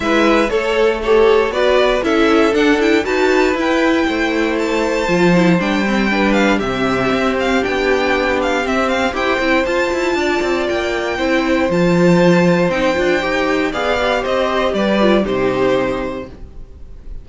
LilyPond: <<
  \new Staff \with { instrumentName = "violin" } { \time 4/4 \tempo 4 = 118 e''4 cis''4 a'4 d''4 | e''4 fis''8 g''8 a''4 g''4~ | g''4 a''2 g''4~ | g''8 f''8 e''4. f''8 g''4~ |
g''8 f''8 e''8 f''8 g''4 a''4~ | a''4 g''2 a''4~ | a''4 g''2 f''4 | dis''4 d''4 c''2 | }
  \new Staff \with { instrumentName = "violin" } { \time 4/4 b'4 a'4 cis''4 b'4 | a'2 b'2 | c''1 | b'4 g'2.~ |
g'2 c''2 | d''2 c''2~ | c''2. d''4 | c''4 b'4 g'2 | }
  \new Staff \with { instrumentName = "viola" } { \time 4/4 e'4 a'4 g'4 fis'4 | e'4 d'8 e'8 fis'4 e'4~ | e'2 f'8 e'8 d'8 c'8 | d'4 c'2 d'4~ |
d'4 c'4 g'8 e'8 f'4~ | f'2 e'4 f'4~ | f'4 dis'8 f'8 g'4 gis'8 g'8~ | g'4. f'8 dis'2 | }
  \new Staff \with { instrumentName = "cello" } { \time 4/4 gis4 a2 b4 | cis'4 d'4 dis'4 e'4 | a2 f4 g4~ | g4 c4 c'4 b4~ |
b4 c'4 e'8 c'8 f'8 e'8 | d'8 c'8 ais4 c'4 f4~ | f4 c'8 d'8 dis'4 b4 | c'4 g4 c2 | }
>>